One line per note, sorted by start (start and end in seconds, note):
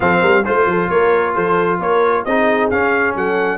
0.00 0.22 F3
0.00 0.44 C4
0.00 0.20 A4
0.00 0.44 F5
0.20 0.45 G3
0.20 0.43 A#4
0.44 0.66 A3
0.44 2.26 F4
0.44 0.89 C5
0.44 0.68 C5
0.66 0.88 F3
0.66 0.90 A4
0.89 1.36 A#3
0.89 1.34 A#4
0.89 1.34 C#5
1.34 1.79 F3
1.34 1.79 A4
1.34 1.80 C5
1.79 2.24 A#3
1.79 2.24 A#4
1.79 2.24 C#5
2.24 2.70 C4
2.24 2.71 D#4
2.24 3.16 G#4
2.24 2.70 D#5
2.70 3.15 C#4
2.70 3.58 C#4
2.70 3.15 F5
3.15 3.58 F#3
3.15 3.58 A4
3.15 3.58 F#5